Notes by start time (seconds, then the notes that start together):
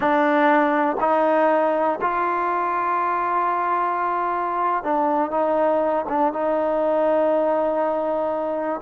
0.00 D4
1.00 D#4
2.01 F4
4.83 D4
5.31 D#4
6.08 D4
6.32 D#4